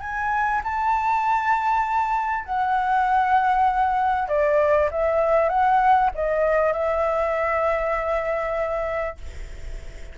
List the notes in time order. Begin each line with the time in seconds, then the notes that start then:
0.00 G#5
0.63 A5
2.45 F#5
4.28 D5
4.91 E5
5.49 F#5
6.14 D#5
6.72 E5